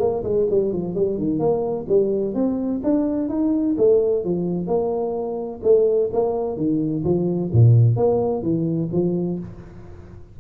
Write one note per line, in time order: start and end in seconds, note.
0.00 0.23 A#3
0.24 0.47 G#3
0.50 0.73 G3
0.73 0.95 F3
0.95 1.18 G3
1.18 1.40 D#3
1.40 1.86 A#3
1.89 2.35 G3
2.35 2.81 C4
2.84 3.29 D4
3.29 3.76 D#4
3.78 4.25 A3
4.25 4.67 F3
4.67 5.61 A#3
5.63 6.10 A3
6.13 6.57 A#3
6.57 7.04 D#3
7.04 7.51 F3
7.53 7.97 A#2
7.97 8.43 A#3
8.43 8.90 E3
8.93 9.40 F3